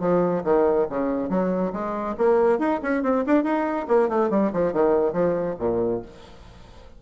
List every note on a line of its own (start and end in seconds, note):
0.00 0.43 F3
0.44 0.87 D#3
0.90 1.29 C#3
1.29 1.72 F#3
1.73 2.16 G#3
2.18 2.59 A#3
2.59 2.80 D#4
2.82 3.03 C#4
3.03 3.24 C4
3.26 3.44 D4
3.44 3.87 D#4
3.88 4.09 A#3
4.09 4.30 A3
4.30 4.52 G3
4.53 4.73 F3
4.73 5.13 D#3
5.13 5.56 F3
5.59 6.02 A#2